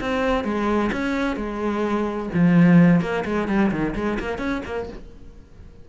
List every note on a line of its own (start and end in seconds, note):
0.00 0.44 C4
0.44 0.90 G#3
0.92 1.36 C#4
1.36 2.29 G#3
2.34 3.01 F3
3.01 3.24 A#3
3.25 3.48 G#3
3.48 3.71 G3
3.71 3.95 D#3
3.95 4.19 G#3
4.19 4.38 A#3
4.38 4.62 C#4
4.65 4.89 A#3